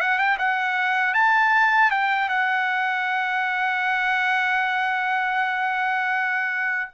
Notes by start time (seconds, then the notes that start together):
0.00 F#5
0.18 G5
0.38 F#5
1.14 A5
1.91 G5
2.29 F#5